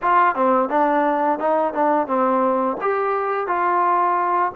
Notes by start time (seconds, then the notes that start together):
0.02 F4
0.35 C4
0.69 D4
1.39 D#4
1.73 D4
2.07 C4
2.81 G4
3.47 F4